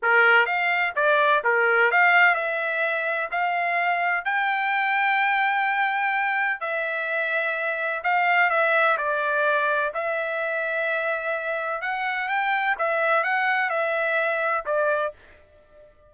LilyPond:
\new Staff \with { instrumentName = "trumpet" } { \time 4/4 \tempo 4 = 127 ais'4 f''4 d''4 ais'4 | f''4 e''2 f''4~ | f''4 g''2.~ | g''2 e''2~ |
e''4 f''4 e''4 d''4~ | d''4 e''2.~ | e''4 fis''4 g''4 e''4 | fis''4 e''2 d''4 | }